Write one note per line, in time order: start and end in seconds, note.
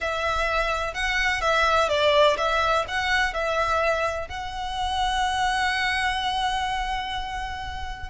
0.00 0.94 E5
0.94 1.41 F#5
1.41 1.88 E5
1.89 2.36 D5
2.37 2.85 E5
2.87 3.33 F#5
3.33 4.28 E5
4.28 8.09 F#5